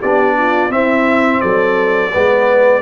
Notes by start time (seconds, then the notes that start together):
0.00 B3 D4 G4 D5
0.38 F4
0.70 C4 E4 E5
1.41 F#3 A4 D5
2.11 G#3 B3 B4